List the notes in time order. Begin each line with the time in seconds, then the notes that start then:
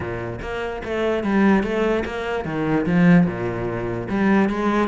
0.00 A#2
0.41 A#3
0.84 A3
1.23 G3
1.63 A3
2.05 A#3
2.45 D#3
2.86 F3
3.26 A#2
4.09 G3
4.49 G#3